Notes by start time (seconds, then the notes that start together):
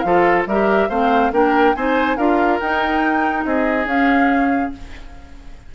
0.00 F3 F4 A4 F5
0.46 G3 G4 A#4 E5
0.89 A3 C4 C5 F5
1.32 A#3 D4 A#4 G5
1.75 C4 D#4 C5 G#5
2.16 D4 F4 A#4 F5
2.60 D#4 G5
3.44 C4 G#4 D#5
3.85 C#4 F5